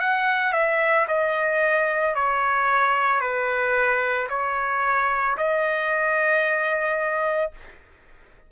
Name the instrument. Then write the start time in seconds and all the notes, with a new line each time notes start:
trumpet
0.00 F#5
0.53 E5
1.08 D#5
2.15 C#5
3.21 B4
4.30 C#5
5.37 D#5